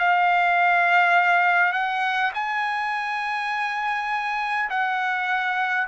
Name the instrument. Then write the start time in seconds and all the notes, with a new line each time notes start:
trumpet
0.00 F5
1.73 F#5
2.35 G#5
4.71 F#5